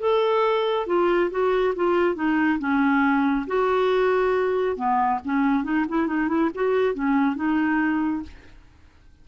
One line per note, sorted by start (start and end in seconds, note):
0.00 0.87 A4
0.87 1.30 F4
1.31 1.74 F#4
1.75 2.15 F4
2.15 2.58 D#4
2.59 3.46 C#4
3.47 4.76 F#4
4.76 5.20 B3
5.25 5.64 C#4
5.64 5.85 D#4
5.89 6.07 E4
6.07 6.28 D#4
6.28 6.50 E4
6.55 6.94 F#4
6.94 7.36 C#4
7.36 8.23 D#4